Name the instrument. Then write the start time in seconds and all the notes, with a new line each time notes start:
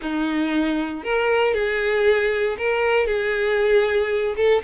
violin
0.01 D#4
1.03 A#4
1.54 G#4
2.58 A#4
3.07 G#4
4.36 A4